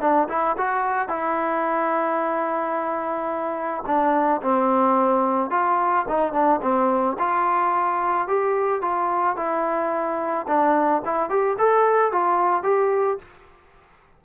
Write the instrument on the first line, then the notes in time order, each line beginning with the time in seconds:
trombone
0.00 D4
0.29 E4
0.57 F#4
1.08 E4
3.86 D4
4.42 C4
5.50 F4
6.08 D#4
6.33 D4
6.62 C4
7.19 F4
8.27 G4
8.81 F4
9.36 E4
10.47 D4
11.05 E4
11.29 G4
11.58 A4
12.12 F4
12.63 G4